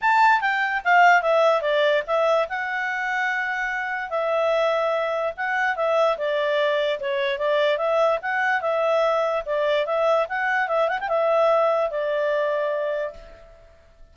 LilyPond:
\new Staff \with { instrumentName = "clarinet" } { \time 4/4 \tempo 4 = 146 a''4 g''4 f''4 e''4 | d''4 e''4 fis''2~ | fis''2 e''2~ | e''4 fis''4 e''4 d''4~ |
d''4 cis''4 d''4 e''4 | fis''4 e''2 d''4 | e''4 fis''4 e''8 fis''16 g''16 e''4~ | e''4 d''2. | }